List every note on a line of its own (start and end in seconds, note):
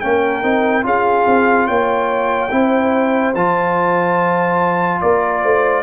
0.00 0.43 A#3
0.00 0.43 C#4
0.00 0.85 A#4
0.00 0.83 G5
0.43 0.84 C4
0.43 0.82 D#4
0.82 1.26 C#4
0.82 2.49 F4
0.82 1.67 G#4
0.82 1.67 F5
1.26 1.68 C4
1.67 2.51 A#3
1.67 2.50 C#5
1.67 3.33 G5
2.51 3.35 C4
2.51 3.34 E4
2.51 5.02 C5
3.35 5.01 F3
3.35 5.83 F4
3.35 5.01 A5
5.01 5.43 A#3
5.01 5.42 A#4
5.01 5.83 D5
5.42 5.83 A3
5.42 5.83 C5